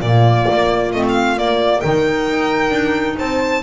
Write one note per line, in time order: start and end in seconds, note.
0.00 0.46 A#2
0.00 0.94 A#3
0.00 1.80 F4
0.00 0.92 D5
0.51 0.94 A#3
0.92 1.37 A3
0.92 1.36 C4
0.92 1.03 D#5
1.08 1.38 F5
1.36 1.81 A#3
1.36 1.82 A#3
1.36 1.80 D5
1.80 2.29 D#3
1.80 3.63 D#4
1.80 3.16 A#4
1.80 3.16 G5
2.29 2.70 D#4
2.70 3.15 D4
3.17 3.63 C4
3.17 3.63 C5
3.17 3.63 A5